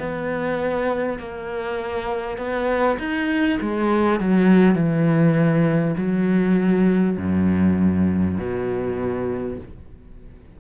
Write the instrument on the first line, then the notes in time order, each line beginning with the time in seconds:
cello
0.00 B3
1.19 A#3
2.38 B3
2.99 D#4
3.61 G#3
4.21 F#3
4.76 E3
5.98 F#3
7.18 F#2
8.38 B2